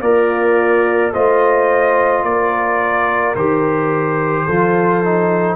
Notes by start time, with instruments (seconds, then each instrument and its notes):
0.00 tuba A#3, horn F4, trombone A#4, trumpet D5
1.12 tuba A3, trombone F4, horn C5, trumpet D#5
2.23 tuba A#3, horn A#4, trumpet D5
3.35 tuba D#3, trombone G4, trumpet C5
4.45 tuba F3, trombone F4, horn A4
5.04 trombone D#4